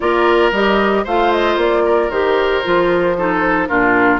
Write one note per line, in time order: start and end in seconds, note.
0.00 0.51 A#3
0.00 0.53 F4
0.00 1.04 A#4
0.00 0.52 D5
0.51 1.04 G3
0.51 1.06 G4
0.51 1.06 D#5
1.04 1.56 A3
1.04 2.11 F4
1.04 1.83 C5
1.04 1.32 F5
1.32 1.58 D#5
1.56 2.09 A#3
1.56 2.10 D5
1.85 3.16 A#4
2.10 2.62 D#3
2.10 2.63 G4
2.10 3.67 C5
2.63 3.70 F3
2.63 3.15 F4
3.17 3.67 D#4
3.17 3.68 A4
3.67 4.20 A#2
3.67 4.20 D4
3.67 4.20 F4
3.67 4.20 A#4